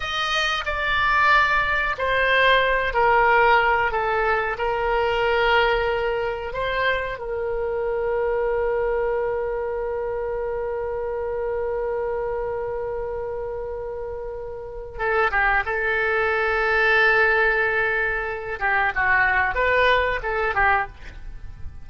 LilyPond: \new Staff \with { instrumentName = "oboe" } { \time 4/4 \tempo 4 = 92 dis''4 d''2 c''4~ | c''8 ais'4. a'4 ais'4~ | ais'2 c''4 ais'4~ | ais'1~ |
ais'1~ | ais'2. a'8 g'8 | a'1~ | a'8 g'8 fis'4 b'4 a'8 g'8 | }